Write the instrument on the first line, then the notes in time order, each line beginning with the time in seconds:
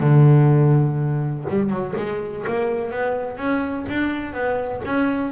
double bass
0.00 D3
1.49 G3
1.70 F#3
1.97 G#3
2.47 A#3
2.91 B3
3.37 C#4
3.89 D4
4.33 B3
4.85 C#4